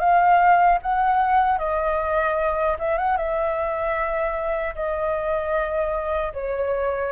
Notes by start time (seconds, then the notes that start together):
0.00 F5
0.83 F#5
1.59 D#5
2.79 E5
2.98 F#5
3.17 E5
4.75 D#5
6.34 C#5